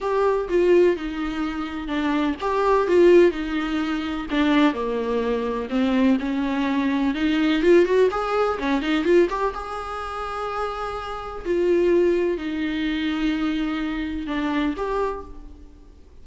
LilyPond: \new Staff \with { instrumentName = "viola" } { \time 4/4 \tempo 4 = 126 g'4 f'4 dis'2 | d'4 g'4 f'4 dis'4~ | dis'4 d'4 ais2 | c'4 cis'2 dis'4 |
f'8 fis'8 gis'4 cis'8 dis'8 f'8 g'8 | gis'1 | f'2 dis'2~ | dis'2 d'4 g'4 | }